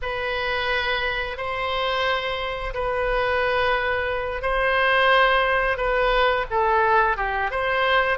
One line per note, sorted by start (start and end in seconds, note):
0.02 1.37 B4
1.37 2.73 C5
2.74 4.42 B4
4.42 5.77 C5
5.77 6.45 B4
6.50 7.16 A4
7.16 7.50 G4
7.51 8.18 C5